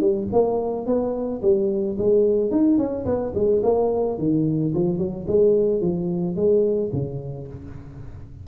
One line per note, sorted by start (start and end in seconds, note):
0.00 0.28 G3
0.32 0.86 A#3
0.86 1.41 B3
1.42 1.97 G3
1.98 2.51 G#3
2.51 2.77 D#4
2.77 3.05 C#4
3.05 3.33 B3
3.34 3.62 G#3
3.63 4.18 A#3
4.18 4.73 D#3
4.74 4.98 F3
4.98 5.25 F#3
5.27 5.81 G#3
5.81 6.35 F3
6.35 6.90 G#3
6.92 7.47 C#3